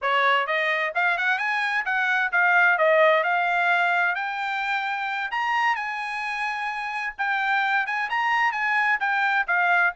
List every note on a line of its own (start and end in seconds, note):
0.01 0.46 C#5
0.46 0.93 D#5
0.95 1.17 F5
1.17 1.38 F#5
1.38 1.84 G#5
1.85 2.31 F#5
2.32 2.78 F5
2.78 3.23 D#5
3.23 4.15 F5
4.15 5.30 G5
5.31 5.75 A#5
5.75 7.14 G#5
7.18 7.86 G5
7.86 8.09 G#5
8.09 8.52 A#5
8.52 8.98 G#5
9.00 9.46 G5
9.47 9.93 F5